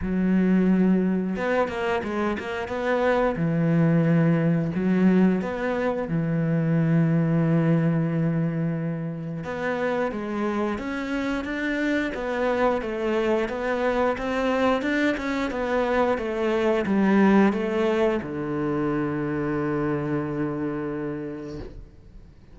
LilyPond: \new Staff \with { instrumentName = "cello" } { \time 4/4 \tempo 4 = 89 fis2 b8 ais8 gis8 ais8 | b4 e2 fis4 | b4 e2.~ | e2 b4 gis4 |
cis'4 d'4 b4 a4 | b4 c'4 d'8 cis'8 b4 | a4 g4 a4 d4~ | d1 | }